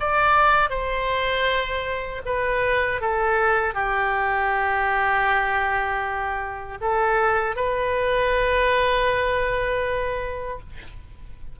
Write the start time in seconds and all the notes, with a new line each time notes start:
0.00 D5
0.70 C5
2.25 B4
3.01 A4
3.74 G4
6.81 A4
7.56 B4